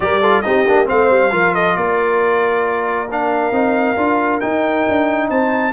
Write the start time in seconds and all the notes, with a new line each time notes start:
0.00 G3 G4 A#4 D5
0.21 F4 A4
0.41 C4 D#4 G4 D#5
0.68 A#3 D4
0.85 A3 C4 C5 F5
1.10 G3
1.31 F3 F4 A#4
1.54 A4 D#5
1.76 A#3 A#4 D5
3.10 D4 F5
3.51 C4 D#4
3.96 D4 F4
4.40 D#4 G5
4.88 D4
5.29 C4 C5 A5